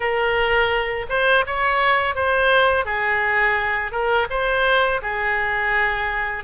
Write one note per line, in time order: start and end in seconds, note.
0.00 1.06 A#4
1.09 1.44 C5
1.46 2.15 C#5
2.15 2.85 C5
2.85 3.91 G#4
3.91 4.27 A#4
4.30 5.01 C5
5.02 6.44 G#4